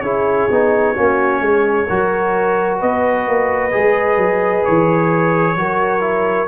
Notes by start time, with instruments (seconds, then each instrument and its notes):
0.00 tuba C#4, trombone E4, horn G#4, trumpet C#5
0.50 tuba B3, trombone D#4
0.93 tuba A#3, trombone C#4, horn F#4
1.40 tuba G#3, horn G#4
1.86 tuba F#3, trombone F#4, horn A#4
2.79 tuba B3, horn B4, trumpet D#5
3.27 tuba A#3
3.72 tuba G#3, trombone G#4
4.17 tuba F#3
4.64 tuba E3, trumpet C#5
5.55 tuba F#3, trombone F#4, horn A#4
6.00 trombone E4